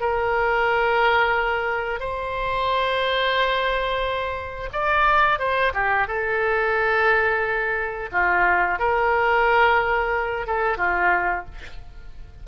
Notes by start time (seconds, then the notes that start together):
0.00 A#4
1.99 C5
4.72 D5
5.39 C5
5.73 G4
6.07 A4
8.11 F4
8.79 A#4
10.46 A4
10.77 F4